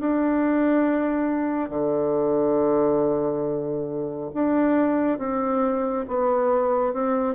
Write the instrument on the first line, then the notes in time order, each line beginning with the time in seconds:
bassoon
0.00 D4
1.70 D3
4.34 D4
5.18 C4
6.08 B3
6.93 C4